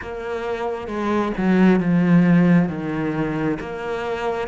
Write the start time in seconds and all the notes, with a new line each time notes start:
0.01 A#3
0.87 G#3
1.37 F#3
1.80 F3
2.69 D#3
3.60 A#3